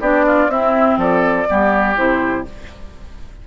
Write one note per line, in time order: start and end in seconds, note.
0.00 0.48 B3
0.00 0.49 D4
0.00 0.25 G4
0.00 0.50 D5
0.27 0.51 F4
0.48 0.96 C4
0.48 1.46 C4
0.48 0.99 E4
0.48 0.99 E5
0.97 1.46 F3
0.97 1.47 A4
0.97 1.97 D5
1.47 1.97 G3
1.47 1.96 B3
1.47 2.47 G4
1.96 2.46 C3
1.96 2.45 E4
1.96 2.45 C5